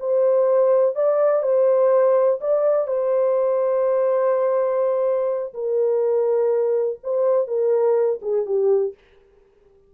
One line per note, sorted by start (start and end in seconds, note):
0.00 0.95 C5
0.95 1.43 D5
1.43 2.39 C5
2.41 2.87 D5
2.87 5.53 C5
5.54 6.99 A#4
7.03 7.47 C5
7.47 8.20 A#4
8.22 8.46 G#4
8.46 8.94 G4